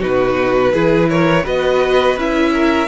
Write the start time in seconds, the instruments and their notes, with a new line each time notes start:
0.00 cello B2, viola D#4, violin F#4 B4
0.73 cello E3, viola E4, violin G#4
1.10 violin A#4 C#5
1.44 cello B3, viola F#4, violin B4 D#5
2.17 cello C#4, viola E4, violin E5
2.54 violin A#4